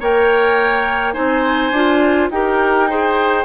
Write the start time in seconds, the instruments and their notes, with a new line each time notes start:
0.00 bassoon A#3, clarinet A#4, oboe C#5, flute G5
1.13 bassoon C4, clarinet D#4, oboe C5, flute G#5
1.71 bassoon D4, clarinet F4
2.30 bassoon D#4, clarinet G4, oboe A#4, flute G5
2.90 clarinet G#4, oboe C5